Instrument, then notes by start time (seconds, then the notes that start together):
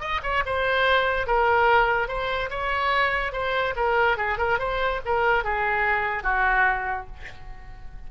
oboe
0.00 D#5
0.23 C#5
0.46 C5
1.27 A#4
2.08 C5
2.50 C#5
3.33 C5
3.76 A#4
4.17 G#4
4.38 A#4
4.59 C5
5.05 A#4
5.44 G#4
6.23 F#4